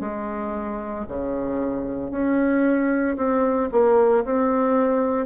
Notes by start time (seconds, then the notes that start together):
0.00 G#3
1.08 C#3
2.11 C#4
3.16 C4
3.71 A#3
4.24 C4